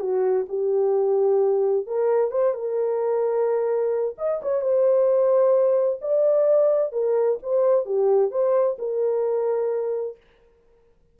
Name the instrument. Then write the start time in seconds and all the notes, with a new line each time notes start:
horn
0.00 F#4
0.48 G4
1.87 A#4
2.31 C5
2.54 A#4
4.18 D#5
4.42 C#5
4.61 C5
6.01 D5
6.92 A#4
7.42 C5
7.85 G4
8.31 C5
8.79 A#4